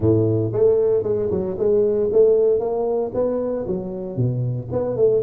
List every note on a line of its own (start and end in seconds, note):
0.00 0.52 A2
0.52 1.03 A3
1.03 1.29 G#3
1.30 1.57 F#3
1.58 2.10 G#3
2.12 2.59 A3
2.59 3.11 A#3
3.14 3.66 B3
3.67 4.16 F#3
4.16 4.68 B2
4.71 4.96 B3
4.96 5.22 A3